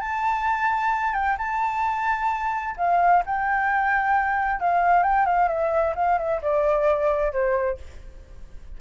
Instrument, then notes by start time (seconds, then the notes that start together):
flute
0.00 A5
1.14 G5
1.38 A5
2.77 F5
3.26 G5
4.60 F5
5.03 G5
5.26 F5
5.48 E5
5.95 F5
6.18 E5
6.42 D5
7.32 C5